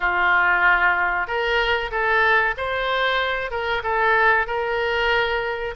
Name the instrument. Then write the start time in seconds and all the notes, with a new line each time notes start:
oboe
0.00 F4
1.27 A#4
1.91 A4
2.57 C5
3.50 A#4
3.83 A4
4.47 A#4